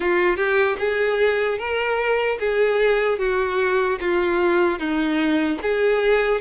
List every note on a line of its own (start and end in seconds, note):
0.00 0.36 F4
0.36 0.76 G4
0.78 1.58 G#4
1.58 2.38 A#4
2.39 3.19 G#4
3.19 3.99 F#4
4.00 4.79 F4
4.79 5.59 D#4
5.62 6.40 G#4